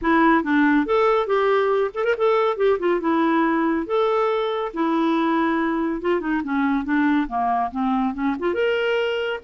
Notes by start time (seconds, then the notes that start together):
0.01 E4
0.43 D4
0.86 A4
1.26 G4
1.94 A4
2.04 A#4
2.17 A4
2.57 G4
2.79 F4
3.00 E4
3.86 A4
4.73 E4
6.01 F4
6.20 D#4
6.43 C#4
6.84 D4
7.28 A#3
7.71 C4
8.14 C#4
8.39 F4
8.54 A#4